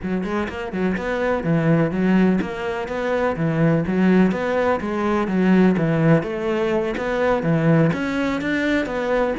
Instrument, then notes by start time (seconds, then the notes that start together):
cello
0.02 F#3
0.24 G#3
0.48 A#3
0.72 F#3
0.97 B3
1.43 E3
1.91 F#3
2.41 A#3
2.88 B3
3.36 E3
3.87 F#3
4.31 B3
4.80 G#3
5.27 F#3
5.77 E3
6.23 A3
6.97 B3
7.42 E3
7.93 C#4
8.41 D4
8.86 B3